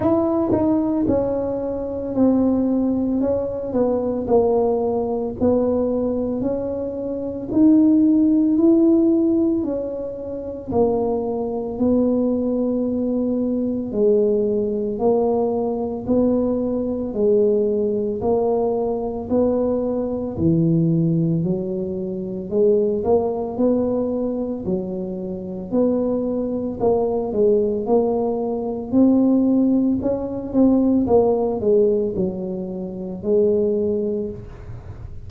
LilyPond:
\new Staff \with { instrumentName = "tuba" } { \time 4/4 \tempo 4 = 56 e'8 dis'8 cis'4 c'4 cis'8 b8 | ais4 b4 cis'4 dis'4 | e'4 cis'4 ais4 b4~ | b4 gis4 ais4 b4 |
gis4 ais4 b4 e4 | fis4 gis8 ais8 b4 fis4 | b4 ais8 gis8 ais4 c'4 | cis'8 c'8 ais8 gis8 fis4 gis4 | }